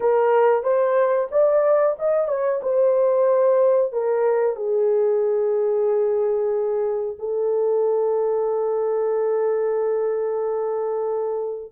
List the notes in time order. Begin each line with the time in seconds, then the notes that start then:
0.00 A#4
0.63 C5
1.31 D5
1.98 D#5
2.28 C#5
2.62 C5
3.92 A#4
4.56 G#4
7.19 A4